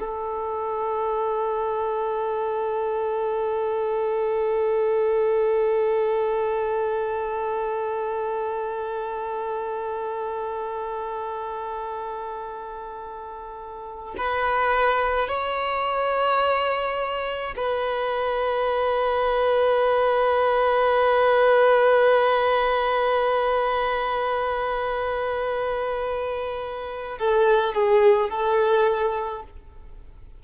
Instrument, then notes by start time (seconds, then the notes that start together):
violin
0.00 A4
14.17 B4
15.28 C#5
17.56 B4
27.19 A4
27.74 G#4
28.30 A4